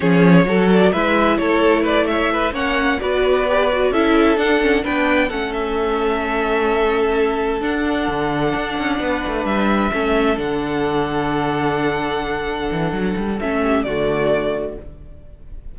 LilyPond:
<<
  \new Staff \with { instrumentName = "violin" } { \time 4/4 \tempo 4 = 130 cis''4. d''8 e''4 cis''4 | d''8 e''4 fis''4 d''4.~ | d''8 e''4 fis''4 g''4 fis''8 | e''1~ |
e''8 fis''2.~ fis''8~ | fis''8 e''2 fis''4.~ | fis''1~ | fis''4 e''4 d''2 | }
  \new Staff \with { instrumentName = "violin" } { \time 4/4 gis'4 a'4 b'4 a'4 | b'8 cis''8 b'8 cis''4 b'4.~ | b'8 a'2 b'4 a'8~ | a'1~ |
a'2.~ a'8 b'8~ | b'4. a'2~ a'8~ | a'1~ | a'4. g'8 fis'2 | }
  \new Staff \with { instrumentName = "viola" } { \time 4/4 cis'4 fis'4 e'2~ | e'4. cis'4 fis'4 g'8 | fis'8 e'4 d'8 cis'8 d'4 cis'8~ | cis'1~ |
cis'8 d'2.~ d'8~ | d'4. cis'4 d'4.~ | d'1~ | d'4 cis'4 a2 | }
  \new Staff \with { instrumentName = "cello" } { \time 4/4 f4 fis4 gis4 a4~ | a4. ais4 b4.~ | b8 cis'4 d'4 b4 a8~ | a1~ |
a8 d'4 d4 d'8 cis'8 b8 | a8 g4 a4 d4.~ | d2.~ d8 e8 | fis8 g8 a4 d2 | }
>>